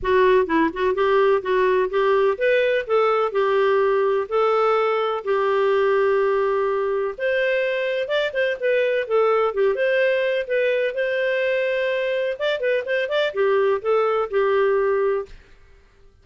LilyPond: \new Staff \with { instrumentName = "clarinet" } { \time 4/4 \tempo 4 = 126 fis'4 e'8 fis'8 g'4 fis'4 | g'4 b'4 a'4 g'4~ | g'4 a'2 g'4~ | g'2. c''4~ |
c''4 d''8 c''8 b'4 a'4 | g'8 c''4. b'4 c''4~ | c''2 d''8 b'8 c''8 d''8 | g'4 a'4 g'2 | }